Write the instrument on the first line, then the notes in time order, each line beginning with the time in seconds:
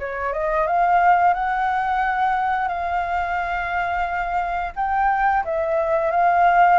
flute
0.00 C#5
0.33 D#5
0.68 F5
1.34 F#5
2.69 F5
4.76 G5
5.45 E5
6.11 F5